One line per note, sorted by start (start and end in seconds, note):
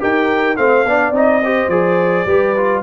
0.00 0.58 D#4
0.00 0.57 G4
0.00 0.58 A#4
0.00 0.57 G5
0.57 0.85 A3
0.57 0.85 C4
0.57 0.88 C5
0.57 1.13 F5
0.85 1.11 B3
0.85 1.14 D4
0.85 1.44 D5
1.11 1.68 C4
1.11 1.42 D#4
1.11 1.69 D#5
1.44 1.71 G4
1.44 2.27 C5
1.68 2.25 F3
1.68 2.27 G#4
1.68 2.83 D5
2.26 2.82 G3
2.26 2.56 G4
2.26 2.83 B4
2.57 2.83 F4